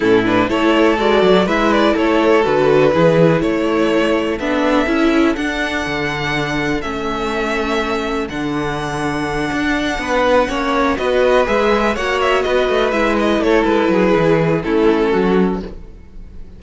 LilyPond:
<<
  \new Staff \with { instrumentName = "violin" } { \time 4/4 \tempo 4 = 123 a'8 b'8 cis''4 d''4 e''8 d''8 | cis''4 b'2 cis''4~ | cis''4 e''2 fis''4~ | fis''2 e''2~ |
e''4 fis''2.~ | fis''2~ fis''8 dis''4 e''8~ | e''8 fis''8 e''8 dis''4 e''8 dis''8 cis''8 | b'2 a'2 | }
  \new Staff \with { instrumentName = "violin" } { \time 4/4 e'4 a'2 b'4 | a'2 gis'4 a'4~ | a'1~ | a'1~ |
a'1~ | a'8 b'4 cis''4 b'4.~ | b'8 cis''4 b'2 a'8~ | a'8 gis'4. e'4 fis'4 | }
  \new Staff \with { instrumentName = "viola" } { \time 4/4 cis'8 d'8 e'4 fis'4 e'4~ | e'4 fis'4 e'2~ | e'4 d'4 e'4 d'4~ | d'2 cis'2~ |
cis'4 d'2.~ | d'4. cis'4 fis'4 gis'8~ | gis'8 fis'2 e'4.~ | e'2 cis'2 | }
  \new Staff \with { instrumentName = "cello" } { \time 4/4 a,4 a4 gis8 fis8 gis4 | a4 d4 e4 a4~ | a4 b4 cis'4 d'4 | d2 a2~ |
a4 d2~ d8 d'8~ | d'8 b4 ais4 b4 gis8~ | gis8 ais4 b8 a8 gis4 a8 | gis8 fis8 e4 a4 fis4 | }
>>